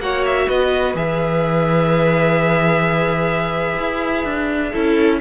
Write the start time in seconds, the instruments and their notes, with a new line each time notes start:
0.00 cello A#3, viola F#4, violin C#5 F#5
0.26 violin E5
0.48 cello B3, violin B4 D#5
0.95 cello E3, viola G#4, violin E5
3.79 cello E4
4.25 cello D4
4.72 cello C#4, viola E4, violin A4